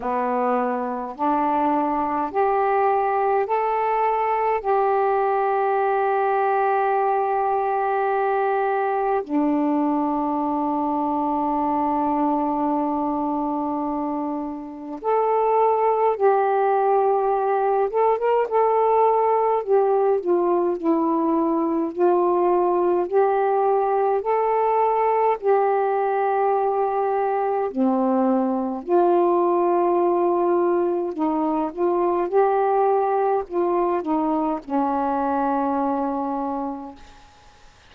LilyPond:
\new Staff \with { instrumentName = "saxophone" } { \time 4/4 \tempo 4 = 52 b4 d'4 g'4 a'4 | g'1 | d'1~ | d'4 a'4 g'4. a'16 ais'16 |
a'4 g'8 f'8 e'4 f'4 | g'4 a'4 g'2 | c'4 f'2 dis'8 f'8 | g'4 f'8 dis'8 cis'2 | }